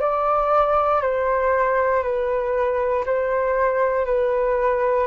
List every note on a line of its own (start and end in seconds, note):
0.00 1.02 D5
1.02 2.02 C5
2.02 3.04 B4
3.06 4.05 C5
4.05 5.07 B4